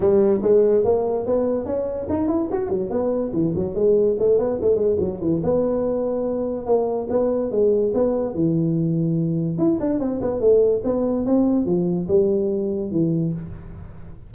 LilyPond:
\new Staff \with { instrumentName = "tuba" } { \time 4/4 \tempo 4 = 144 g4 gis4 ais4 b4 | cis'4 dis'8 e'8 fis'8 fis8 b4 | e8 fis8 gis4 a8 b8 a8 gis8 | fis8 e8 b2. |
ais4 b4 gis4 b4 | e2. e'8 d'8 | c'8 b8 a4 b4 c'4 | f4 g2 e4 | }